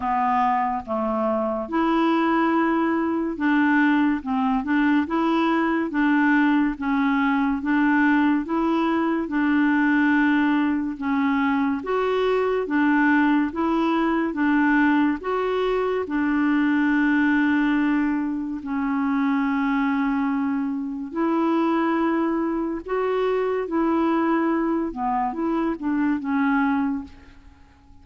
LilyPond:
\new Staff \with { instrumentName = "clarinet" } { \time 4/4 \tempo 4 = 71 b4 a4 e'2 | d'4 c'8 d'8 e'4 d'4 | cis'4 d'4 e'4 d'4~ | d'4 cis'4 fis'4 d'4 |
e'4 d'4 fis'4 d'4~ | d'2 cis'2~ | cis'4 e'2 fis'4 | e'4. b8 e'8 d'8 cis'4 | }